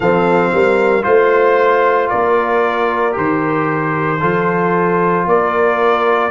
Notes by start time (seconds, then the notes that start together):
0.00 F3 C4 A4 F5
0.53 G3 A#4
1.02 A3 F4 C5
2.09 A#3 A#4 D5
3.11 D#3 G4 C5
4.20 F3 F4 A4
5.26 A#3 A#4 D5